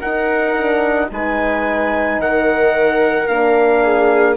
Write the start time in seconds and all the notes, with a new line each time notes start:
0.00 D#4 A#4 F#5
0.57 D4
1.09 G#3 D#4 B4 G#5
2.19 D#3 A#4 F#5
3.28 A#3 D4 F5
3.84 G#4